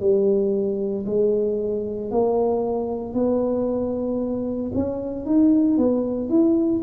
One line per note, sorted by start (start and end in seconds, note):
0.00 1.05 G3
1.06 2.11 G#3
2.11 3.14 A#3
3.14 4.72 B3
4.75 5.26 C#4
5.26 5.78 D#4
5.78 6.30 B3
6.30 6.82 E4